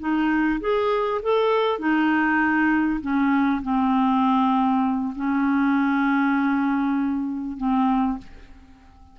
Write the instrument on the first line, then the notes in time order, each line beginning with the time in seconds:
clarinet
0.00 D#4
0.61 G#4
1.23 A4
1.79 D#4
3.01 C#4
3.63 C4
5.16 C#4
7.58 C4